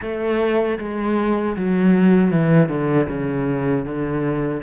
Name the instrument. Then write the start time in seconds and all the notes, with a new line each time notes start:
cello
0.01 A3
0.79 G#3
1.56 F#3
2.31 E3
2.69 D3
3.08 C#3
3.85 D3